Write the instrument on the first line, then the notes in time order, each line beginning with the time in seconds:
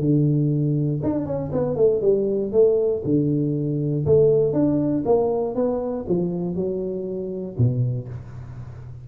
tuba
0.00 D3
1.03 D4
1.26 C#4
1.52 B3
1.76 A3
2.01 G3
2.52 A3
3.05 D3
4.06 A3
4.53 D4
5.05 A#3
5.55 B3
6.08 F3
6.55 F#3
7.58 B2